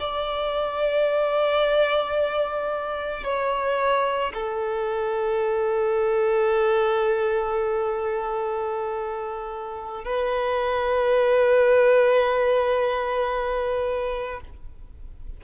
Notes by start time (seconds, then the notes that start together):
0.00 D5
3.24 C#5
4.34 A4
10.05 B4